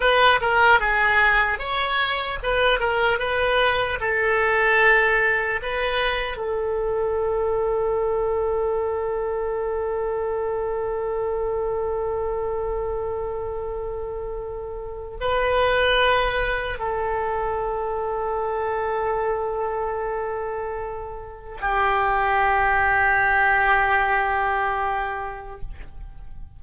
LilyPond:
\new Staff \with { instrumentName = "oboe" } { \time 4/4 \tempo 4 = 75 b'8 ais'8 gis'4 cis''4 b'8 ais'8 | b'4 a'2 b'4 | a'1~ | a'1~ |
a'2. b'4~ | b'4 a'2.~ | a'2. g'4~ | g'1 | }